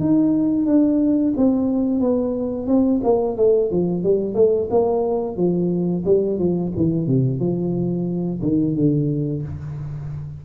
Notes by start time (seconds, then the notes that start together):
0.00 D#4
0.66 D4
1.37 C4
2.01 B3
2.67 C4
3.04 A#3
3.37 A3
3.71 F3
4.03 G3
4.35 A3
4.70 A#3
5.37 F3
6.06 G3
6.39 F3
6.76 E3
7.07 C3
7.40 F3
8.42 D#3
8.75 D3